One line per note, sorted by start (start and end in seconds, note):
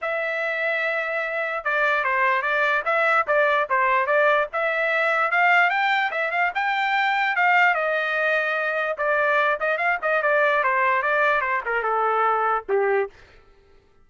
0.01 1.64 E5
1.64 2.04 D5
2.04 2.42 C5
2.42 2.82 D5
2.85 3.26 E5
3.27 3.68 D5
3.69 4.06 C5
4.06 4.47 D5
4.53 5.31 E5
5.31 5.70 F5
5.70 6.11 G5
6.11 6.31 E5
6.31 6.51 F5
6.54 7.36 G5
7.36 7.74 F5
7.74 8.97 D#5
8.97 9.58 D5
9.60 9.77 D#5
9.77 9.98 F5
10.01 10.22 D#5
10.22 10.63 D5
10.63 11.02 C5
11.02 11.41 D5
11.41 11.61 C5
11.65 11.82 A#4
11.82 12.64 A4
12.68 13.09 G4